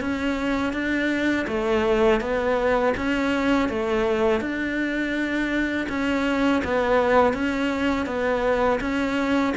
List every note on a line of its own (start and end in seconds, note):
0.00 0.73 C#4
0.73 1.46 D4
1.47 2.20 A3
2.20 2.93 B3
2.96 3.69 C#4
3.69 4.40 A3
4.40 5.86 D4
5.89 6.62 C#4
6.64 7.33 B3
7.33 8.06 C#4
8.06 8.79 B3
8.80 9.54 C#4